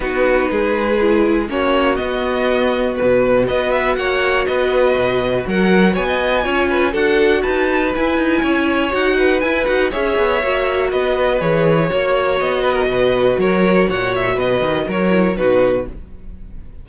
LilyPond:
<<
  \new Staff \with { instrumentName = "violin" } { \time 4/4 \tempo 4 = 121 b'2. cis''4 | dis''2 b'4 dis''8 e''8 | fis''4 dis''2 fis''4 | gis''2 fis''4 a''4 |
gis''2 fis''4 gis''8 fis''8 | e''2 dis''4 cis''4~ | cis''4 dis''2 cis''4 | fis''8 e''8 dis''4 cis''4 b'4 | }
  \new Staff \with { instrumentName = "violin" } { \time 4/4 fis'4 gis'2 fis'4~ | fis'2. b'4 | cis''4 b'2 ais'4 | cis''16 dis''8. cis''8 b'8 a'4 b'4~ |
b'4 cis''4. b'4. | cis''2 b'2 | cis''4. b'16 ais'16 b'4 ais'4 | cis''4 b'4 ais'4 fis'4 | }
  \new Staff \with { instrumentName = "viola" } { \time 4/4 dis'2 e'4 cis'4 | b2. fis'4~ | fis'1~ | fis'4 f'4 fis'2 |
e'2 fis'4 e'8 fis'8 | gis'4 fis'2 gis'4 | fis'1~ | fis'2~ fis'8 e'8 dis'4 | }
  \new Staff \with { instrumentName = "cello" } { \time 4/4 b4 gis2 ais4 | b2 b,4 b4 | ais4 b4 b,4 fis4 | b4 cis'4 d'4 dis'4 |
e'8 dis'8 cis'4 dis'4 e'8 dis'8 | cis'8 b8 ais4 b4 e4 | ais4 b4 b,4 fis4 | ais,4 b,8 dis8 fis4 b,4 | }
>>